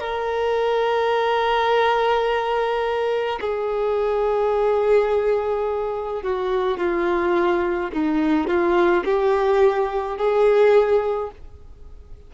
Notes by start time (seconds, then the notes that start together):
0.00 A#4
3.41 G#4
6.23 F#4
6.78 F4
7.92 D#4
8.48 F4
9.05 G4
10.17 G#4